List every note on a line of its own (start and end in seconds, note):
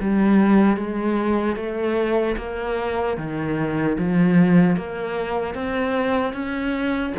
0.00 0.76 G3
0.76 1.56 G#3
1.56 2.36 A3
2.37 3.17 A#3
3.17 3.97 D#3
3.97 4.76 F3
4.76 5.54 A#3
5.54 6.33 C4
6.33 7.13 C#4